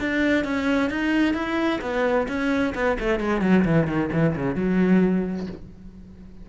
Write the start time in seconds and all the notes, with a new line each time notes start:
0.00 D4
0.45 C#4
0.90 D#4
1.34 E4
1.82 B3
2.28 C#4
2.75 B3
3.00 A3
3.20 G#3
3.42 F#3
3.65 E3
3.88 D#3
4.13 E3
4.36 C#3
4.55 F#3